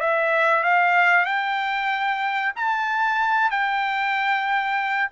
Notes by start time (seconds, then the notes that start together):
0.00 E5
0.64 F5
1.25 G5
2.56 A5
3.51 G5